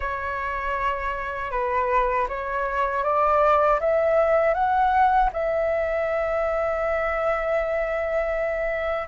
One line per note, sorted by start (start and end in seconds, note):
0.00 1.51 C#5
1.51 2.27 B4
2.28 3.03 C#5
3.03 3.79 D5
3.80 4.54 E5
4.54 5.30 F#5
5.32 9.08 E5